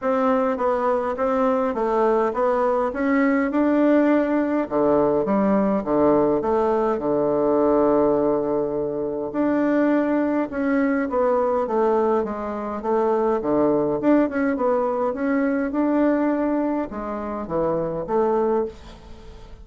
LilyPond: \new Staff \with { instrumentName = "bassoon" } { \time 4/4 \tempo 4 = 103 c'4 b4 c'4 a4 | b4 cis'4 d'2 | d4 g4 d4 a4 | d1 |
d'2 cis'4 b4 | a4 gis4 a4 d4 | d'8 cis'8 b4 cis'4 d'4~ | d'4 gis4 e4 a4 | }